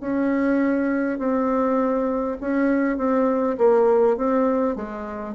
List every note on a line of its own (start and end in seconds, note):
0.00 1.18 C#4
1.18 2.37 C4
2.40 2.97 C#4
2.97 3.57 C4
3.58 4.17 A#3
4.17 4.76 C4
4.76 5.35 G#3